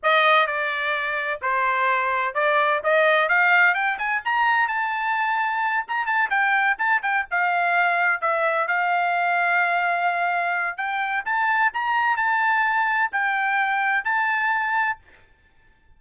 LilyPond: \new Staff \with { instrumentName = "trumpet" } { \time 4/4 \tempo 4 = 128 dis''4 d''2 c''4~ | c''4 d''4 dis''4 f''4 | g''8 gis''8 ais''4 a''2~ | a''8 ais''8 a''8 g''4 a''8 g''8 f''8~ |
f''4. e''4 f''4.~ | f''2. g''4 | a''4 ais''4 a''2 | g''2 a''2 | }